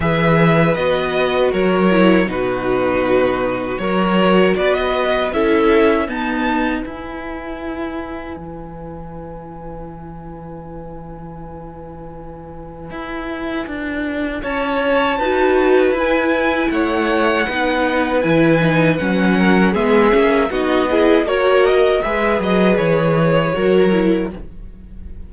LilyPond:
<<
  \new Staff \with { instrumentName = "violin" } { \time 4/4 \tempo 4 = 79 e''4 dis''4 cis''4 b'4~ | b'4 cis''4 d''16 dis''8. e''4 | a''4 gis''2.~ | gis''1~ |
gis''2. a''4~ | a''4 gis''4 fis''2 | gis''4 fis''4 e''4 dis''4 | cis''8 dis''8 e''8 dis''8 cis''2 | }
  \new Staff \with { instrumentName = "violin" } { \time 4/4 b'2 ais'4 fis'4~ | fis'4 ais'4 b'4 a'4 | b'1~ | b'1~ |
b'2. cis''4 | b'2 cis''4 b'4~ | b'4. ais'8 gis'4 fis'8 gis'8 | ais'4 b'2 ais'4 | }
  \new Staff \with { instrumentName = "viola" } { \time 4/4 gis'4 fis'4. e'8 dis'4~ | dis'4 fis'2 e'4 | b4 e'2.~ | e'1~ |
e'1 | fis'4 e'2 dis'4 | e'8 dis'8 cis'4 b8 cis'8 dis'8 e'8 | fis'4 gis'2 fis'8 e'8 | }
  \new Staff \with { instrumentName = "cello" } { \time 4/4 e4 b4 fis4 b,4~ | b,4 fis4 b4 cis'4 | dis'4 e'2 e4~ | e1~ |
e4 e'4 d'4 cis'4 | dis'4 e'4 a4 b4 | e4 fis4 gis8 ais8 b4 | ais4 gis8 fis8 e4 fis4 | }
>>